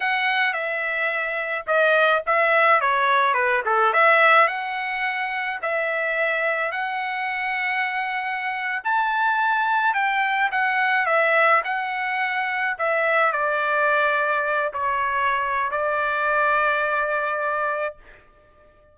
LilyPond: \new Staff \with { instrumentName = "trumpet" } { \time 4/4 \tempo 4 = 107 fis''4 e''2 dis''4 | e''4 cis''4 b'8 a'8 e''4 | fis''2 e''2 | fis''2.~ fis''8. a''16~ |
a''4.~ a''16 g''4 fis''4 e''16~ | e''8. fis''2 e''4 d''16~ | d''2~ d''16 cis''4.~ cis''16 | d''1 | }